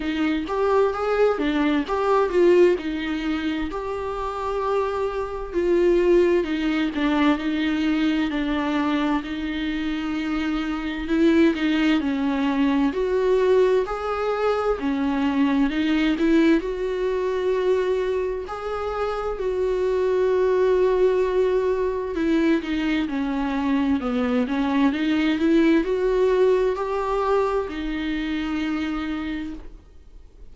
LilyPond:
\new Staff \with { instrumentName = "viola" } { \time 4/4 \tempo 4 = 65 dis'8 g'8 gis'8 d'8 g'8 f'8 dis'4 | g'2 f'4 dis'8 d'8 | dis'4 d'4 dis'2 | e'8 dis'8 cis'4 fis'4 gis'4 |
cis'4 dis'8 e'8 fis'2 | gis'4 fis'2. | e'8 dis'8 cis'4 b8 cis'8 dis'8 e'8 | fis'4 g'4 dis'2 | }